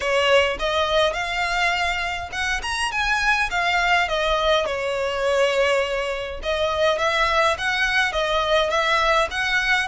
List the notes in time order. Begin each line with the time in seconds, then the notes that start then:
0.00 C#5
0.59 D#5
1.13 F5
2.32 F#5
2.62 A#5
2.91 G#5
3.50 F5
4.08 D#5
4.65 C#5
6.42 D#5
6.98 E5
7.58 F#5
8.12 D#5
8.70 E5
9.30 F#5